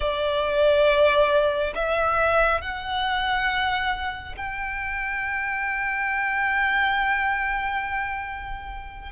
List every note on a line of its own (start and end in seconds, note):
0.00 1.73 D5
1.74 2.61 E5
2.61 4.35 F#5
4.36 9.11 G5